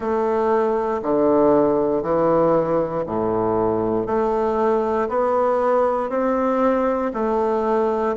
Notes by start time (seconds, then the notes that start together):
0.00 A3
1.02 D3
2.02 E3
3.06 A2
4.06 A3
5.08 B3
6.09 C4
7.13 A3